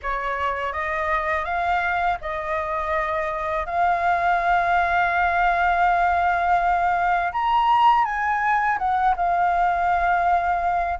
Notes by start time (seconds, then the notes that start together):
0.02 C#5
0.72 D#5
1.45 F5
2.21 D#5
3.66 F5
7.32 A#5
8.05 G#5
8.78 F#5
9.16 F5